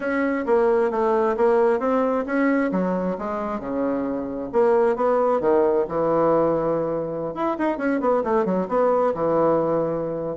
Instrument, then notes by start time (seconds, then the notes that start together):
bassoon
0.00 C#4
0.46 A#3
0.90 A3
1.37 A#3
1.79 C4
2.26 C#4
2.71 F#3
3.18 G#3
3.59 C#3
4.52 A#3
4.96 B3
5.40 D#3
5.88 E3
7.34 E4
7.58 D#4
7.77 C#4
8.00 B3
8.23 A3
8.45 F#3
8.68 B3
9.14 E3